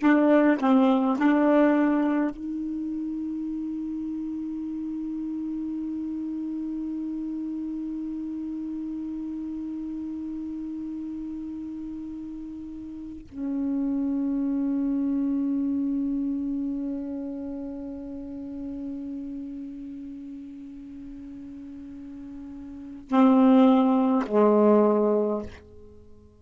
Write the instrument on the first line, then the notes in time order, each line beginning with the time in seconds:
saxophone
0.00 D4
0.60 C4
1.19 D4
2.31 D#4
13.28 C#4
23.09 C4
24.27 G#3